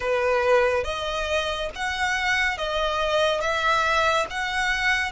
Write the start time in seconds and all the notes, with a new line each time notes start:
0.00 B4
0.84 D#5
1.75 F#5
2.57 D#5
3.41 E5
4.29 F#5